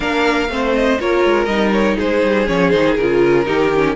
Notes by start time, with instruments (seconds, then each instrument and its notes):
0.00 cello A#3, viola D4, violin A#4 F5
0.48 cello A3, viola C4, violin C5
0.74 violin D#5
0.99 cello A#3, viola F4, violin A#4 C#5
1.24 cello G#3
1.45 cello G3, viola D#4, violin D#5
1.72 violin C#5
1.96 cello G#3, violin G#4 C5
2.23 cello G3
2.46 cello F3, viola C#4, violin C#5
2.70 cello D#3, viola D#4, violin C5
2.96 cello C#3, viola F4, violin A#4
3.45 cello D#3, viola D#4, violin G4
3.75 viola C#4